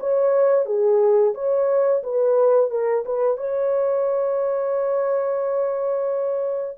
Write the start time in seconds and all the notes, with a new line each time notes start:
0.00 C#5
0.66 G#4
1.35 C#5
2.03 B4
2.71 A#4
3.06 B4
3.37 C#5